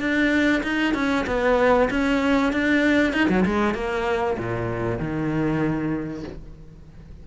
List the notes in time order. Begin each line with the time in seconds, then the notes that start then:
0.00 D4
0.63 D#4
0.94 C#4
1.27 B3
1.90 C#4
2.53 D4
3.13 D#4
3.29 F#3
3.46 G#3
3.74 A#3
4.38 A#2
4.99 D#3